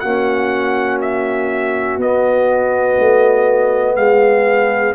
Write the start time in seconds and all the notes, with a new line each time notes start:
0.00 A#3 C#4 F#4 F#5
1.02 E5
1.98 B3 D#5
2.99 A3
3.96 G#3 G#4 F5